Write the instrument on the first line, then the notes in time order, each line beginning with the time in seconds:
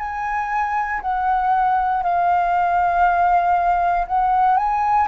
flute
0.00 G#5
1.02 F#5
2.03 F5
4.07 F#5
4.58 G#5